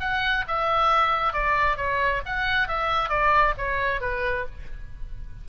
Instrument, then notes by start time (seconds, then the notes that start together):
oboe
0.00 F#5
0.48 E5
1.33 D5
1.77 C#5
2.26 F#5
2.68 E5
3.10 D5
3.58 C#5
4.01 B4